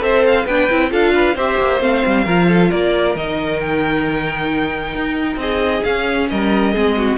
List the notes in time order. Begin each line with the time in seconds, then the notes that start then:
0.00 C4 A4 C5 E5
0.27 F5
0.46 B3 D4 B4 G5
0.71 C4 E4
0.91 D4 F4 A4 F5
1.15 B4
1.36 C4 G4 C5 E5
1.59 A#3
1.81 A3 C4 F5
2.06 G3
2.25 F3 F4 A#4
2.48 A4
2.71 A#3 A#4 D5
3.16 D#3 D#4 D#5
3.61 G5
4.96 D#4
5.36 C4 G#4 D#5
5.84 C#4 F5
6.30 G3 A#4 D#5
6.74 G#3 C4 G#4
6.98 F#4